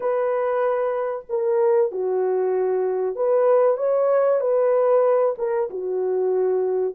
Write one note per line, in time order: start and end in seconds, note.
0.00 1.25 B4
1.29 1.91 A#4
1.91 3.16 F#4
3.16 3.77 B4
3.77 4.40 C#5
4.40 5.35 B4
5.38 5.69 A#4
5.70 6.94 F#4